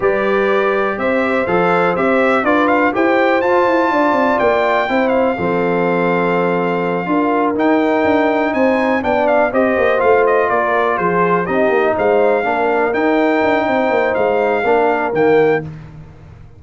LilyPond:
<<
  \new Staff \with { instrumentName = "trumpet" } { \time 4/4 \tempo 4 = 123 d''2 e''4 f''4 | e''4 d''8 f''8 g''4 a''4~ | a''4 g''4. f''4.~ | f''2.~ f''8 g''8~ |
g''4. gis''4 g''8 f''8 dis''8~ | dis''8 f''8 dis''8 d''4 c''4 dis''8~ | dis''8 f''2 g''4.~ | g''4 f''2 g''4 | }
  \new Staff \with { instrumentName = "horn" } { \time 4/4 b'2 c''2~ | c''4 b'4 c''2 | d''2 c''4 a'4~ | a'2~ a'8 ais'4.~ |
ais'4. c''4 d''4 c''8~ | c''4. ais'4 gis'4 g'8~ | g'8 c''4 ais'2~ ais'8 | c''2 ais'2 | }
  \new Staff \with { instrumentName = "trombone" } { \time 4/4 g'2. a'4 | g'4 f'4 g'4 f'4~ | f'2 e'4 c'4~ | c'2~ c'8 f'4 dis'8~ |
dis'2~ dis'8 d'4 g'8~ | g'8 f'2. dis'8~ | dis'4. d'4 dis'4.~ | dis'2 d'4 ais4 | }
  \new Staff \with { instrumentName = "tuba" } { \time 4/4 g2 c'4 f4 | c'4 d'4 e'4 f'8 e'8 | d'8 c'8 ais4 c'4 f4~ | f2~ f8 d'4 dis'8~ |
dis'8 d'4 c'4 b4 c'8 | ais8 a4 ais4 f4 c'8 | ais8 gis4 ais4 dis'4 d'8 | c'8 ais8 gis4 ais4 dis4 | }
>>